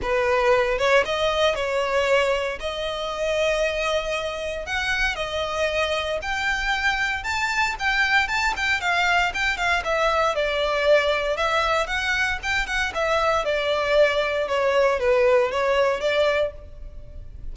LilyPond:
\new Staff \with { instrumentName = "violin" } { \time 4/4 \tempo 4 = 116 b'4. cis''8 dis''4 cis''4~ | cis''4 dis''2.~ | dis''4 fis''4 dis''2 | g''2 a''4 g''4 |
a''8 g''8 f''4 g''8 f''8 e''4 | d''2 e''4 fis''4 | g''8 fis''8 e''4 d''2 | cis''4 b'4 cis''4 d''4 | }